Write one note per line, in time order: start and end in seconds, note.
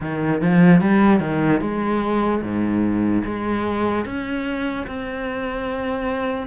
0.00 0.41 D#3
0.41 0.80 F3
0.80 1.20 G3
1.20 1.60 D#3
1.60 2.41 G#3
2.41 3.22 G#2
3.24 4.05 G#3
4.05 4.86 C#4
4.86 6.47 C4